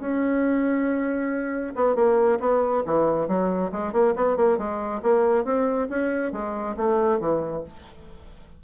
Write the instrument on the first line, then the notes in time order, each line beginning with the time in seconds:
bassoon
0.00 C#4
1.75 B3
1.96 A#3
2.40 B3
2.86 E3
3.28 F#3
3.72 G#3
3.93 A#3
4.16 B3
4.37 A#3
4.58 G#3
5.03 A#3
5.45 C4
5.90 C#4
6.32 G#3
6.77 A3
7.20 E3